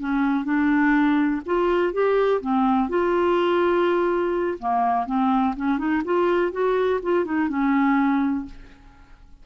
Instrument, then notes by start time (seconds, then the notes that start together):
clarinet
0.00 C#4
0.45 D4
1.46 F4
1.93 G4
2.41 C4
2.89 F4
4.59 A#3
5.07 C4
5.57 C#4
5.78 D#4
6.05 F4
6.52 F#4
7.03 F4
7.25 D#4
7.49 C#4